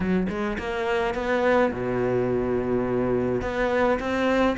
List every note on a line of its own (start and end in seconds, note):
0.00 0.27 F#3
0.29 0.57 G#3
0.58 1.14 A#3
1.14 1.71 B3
1.72 3.41 B2
3.41 3.98 B3
3.99 4.56 C4